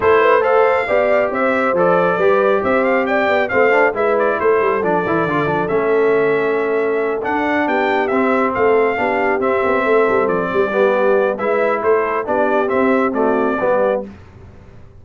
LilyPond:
<<
  \new Staff \with { instrumentName = "trumpet" } { \time 4/4 \tempo 4 = 137 c''4 f''2 e''4 | d''2 e''8 f''8 g''4 | f''4 e''8 d''8 c''4 d''4~ | d''4 e''2.~ |
e''8 fis''4 g''4 e''4 f''8~ | f''4. e''2 d''8~ | d''2 e''4 c''4 | d''4 e''4 d''2 | }
  \new Staff \with { instrumentName = "horn" } { \time 4/4 a'8 b'8 c''4 d''4 c''4~ | c''4 b'4 c''4 d''4 | c''4 b'4 a'2~ | a'1~ |
a'4. g'2 a'8~ | a'8 g'2 a'4. | g'2 b'4 a'4 | g'2 fis'4 g'4 | }
  \new Staff \with { instrumentName = "trombone" } { \time 4/4 e'4 a'4 g'2 | a'4 g'2. | c'8 d'8 e'2 d'8 e'8 | f'8 d'8 cis'2.~ |
cis'8 d'2 c'4.~ | c'8 d'4 c'2~ c'8~ | c'8 b4. e'2 | d'4 c'4 a4 b4 | }
  \new Staff \with { instrumentName = "tuba" } { \time 4/4 a2 b4 c'4 | f4 g4 c'4. b8 | a4 gis4 a8 g8 f8 e8 | d8 f8 a2.~ |
a8 d'4 b4 c'4 a8~ | a8 b4 c'8 b8 a8 g8 f8 | g2 gis4 a4 | b4 c'2 g4 | }
>>